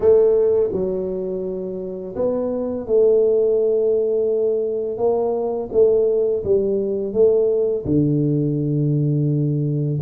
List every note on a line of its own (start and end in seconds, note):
0.00 0.70 A3
0.72 2.15 F#3
2.15 2.86 B3
2.86 4.97 A3
4.97 5.69 A#3
5.71 6.43 A3
6.44 7.13 G3
7.13 7.84 A3
7.85 9.99 D3